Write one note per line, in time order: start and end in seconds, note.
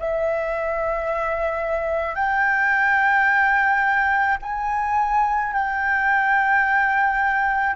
0.00 2.15 E5
2.15 4.37 G5
4.42 5.54 G#5
5.54 7.76 G5